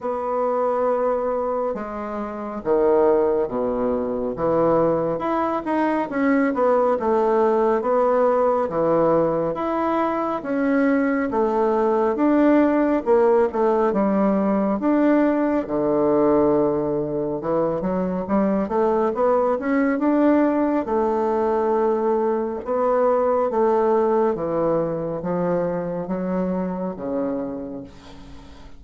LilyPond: \new Staff \with { instrumentName = "bassoon" } { \time 4/4 \tempo 4 = 69 b2 gis4 dis4 | b,4 e4 e'8 dis'8 cis'8 b8 | a4 b4 e4 e'4 | cis'4 a4 d'4 ais8 a8 |
g4 d'4 d2 | e8 fis8 g8 a8 b8 cis'8 d'4 | a2 b4 a4 | e4 f4 fis4 cis4 | }